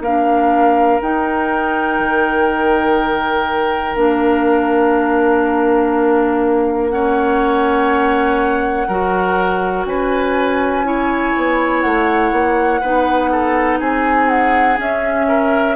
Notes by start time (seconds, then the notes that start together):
0.00 A#3 D4 A#4 F5
1.01 D#4 G5
1.99 D#3
3.95 A#3 D4 F5
6.89 C#4 C#5 F#5
8.87 F#3 F#4 A#4
9.85 C#4 B4 G#5
10.84 E4 C#5
11.36 B3
11.81 A3 F#5
12.32 A#3
12.80 B3 D#4 B4
13.31 A4
13.79 C4 G#4 G#5
14.28 F#5
14.76 C#4 E5
15.27 A#4